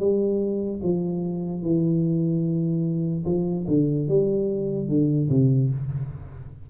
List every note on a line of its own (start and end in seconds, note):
0.00 0.81 G3
0.83 1.63 F3
1.63 3.25 E3
3.26 3.66 F3
3.68 4.08 D3
4.08 4.89 G3
4.89 5.29 D3
5.30 5.71 C3